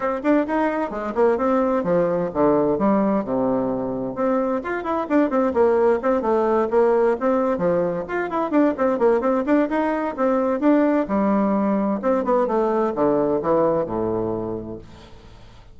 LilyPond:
\new Staff \with { instrumentName = "bassoon" } { \time 4/4 \tempo 4 = 130 c'8 d'8 dis'4 gis8 ais8 c'4 | f4 d4 g4 c4~ | c4 c'4 f'8 e'8 d'8 c'8 | ais4 c'8 a4 ais4 c'8~ |
c'8 f4 f'8 e'8 d'8 c'8 ais8 | c'8 d'8 dis'4 c'4 d'4 | g2 c'8 b8 a4 | d4 e4 a,2 | }